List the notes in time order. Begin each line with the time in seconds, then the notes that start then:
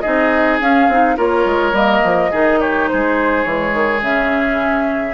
0.00 C4 D#4 G#4 D#5
0.60 C#4 F5
0.88 C4 D#4
1.16 A#3 F4 A#4 C#5
1.45 G#3
1.72 G3 A#3 D#5
2.03 F3
2.30 D#3 D#4 G#4
2.60 G4 C#5
2.88 G#3 G#4 C5
3.43 E3 G#3 C#5
3.73 D#3
4.01 C#3 C#4 E5